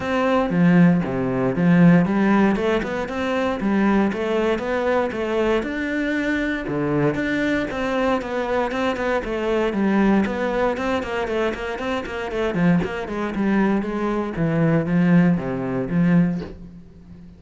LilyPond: \new Staff \with { instrumentName = "cello" } { \time 4/4 \tempo 4 = 117 c'4 f4 c4 f4 | g4 a8 b8 c'4 g4 | a4 b4 a4 d'4~ | d'4 d4 d'4 c'4 |
b4 c'8 b8 a4 g4 | b4 c'8 ais8 a8 ais8 c'8 ais8 | a8 f8 ais8 gis8 g4 gis4 | e4 f4 c4 f4 | }